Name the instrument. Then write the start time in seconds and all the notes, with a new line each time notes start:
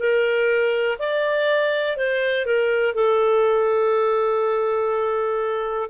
clarinet
0.00 A#4
0.99 D5
1.97 C5
2.46 A#4
2.95 A4